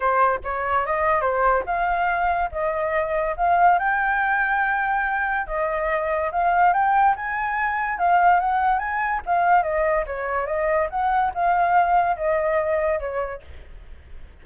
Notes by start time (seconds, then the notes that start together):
0.00 C5
0.43 C#5
0.85 D#5
1.21 C5
1.66 F5
2.51 D#5
3.36 F5
3.78 G5
5.46 D#5
6.31 F5
6.73 G5
7.16 G#5
7.98 F5
8.40 F#5
8.78 G#5
9.26 F5
9.63 D#5
10.06 C#5
10.46 D#5
10.90 F#5
11.34 F5
12.16 D#5
12.99 C#5